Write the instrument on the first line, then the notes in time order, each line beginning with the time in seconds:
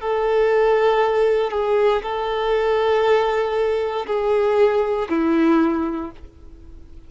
violin
0.00 A4
1.51 G#4
2.02 A4
4.06 G#4
5.09 E4